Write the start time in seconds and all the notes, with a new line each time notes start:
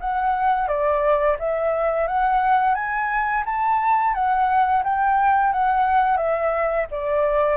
0.00 F#5
0.67 D5
1.39 E5
2.07 F#5
2.75 G#5
3.45 A5
4.14 F#5
4.83 G5
5.52 F#5
6.17 E5
6.91 D5